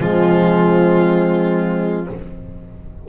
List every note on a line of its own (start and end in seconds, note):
0.00 2.07 F3
0.00 2.07 G#3
0.00 2.08 C4
0.00 2.07 F4